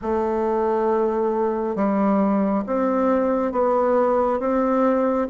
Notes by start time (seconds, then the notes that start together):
0.01 A3
1.75 G3
2.66 C4
3.52 B3
4.39 C4